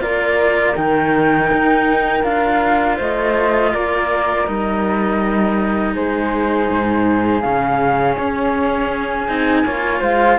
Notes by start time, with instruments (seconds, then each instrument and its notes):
0.00 cello A#3 F4, flute A#4 D5
0.75 cello D#3 D#4, flute G5
1.52 cello D#4
2.23 cello D4 F4, flute F5
2.96 cello A3, flute C5 D#5
3.72 cello A#3, flute A#4 D5
4.46 cello G3 D#4, flute D#5
5.93 cello G#3, flute G#4 C5
6.70 cello G#2
7.40 cello C#3 C#4, flute F5
8.16 cello C#4, flute C#5
8.90 flute G#5
9.27 cello C4 D#4
9.63 cello A#3 F4, flute C#5
10.00 cello G#3, flute C5 F5